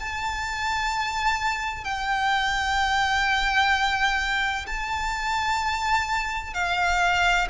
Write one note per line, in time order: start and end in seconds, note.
0.00 1.85 A5
1.85 4.66 G5
4.67 6.54 A5
6.54 7.48 F5